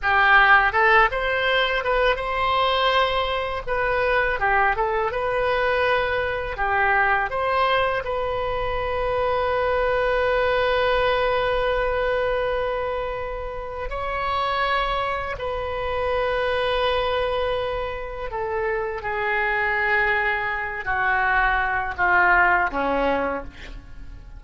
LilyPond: \new Staff \with { instrumentName = "oboe" } { \time 4/4 \tempo 4 = 82 g'4 a'8 c''4 b'8 c''4~ | c''4 b'4 g'8 a'8 b'4~ | b'4 g'4 c''4 b'4~ | b'1~ |
b'2. cis''4~ | cis''4 b'2.~ | b'4 a'4 gis'2~ | gis'8 fis'4. f'4 cis'4 | }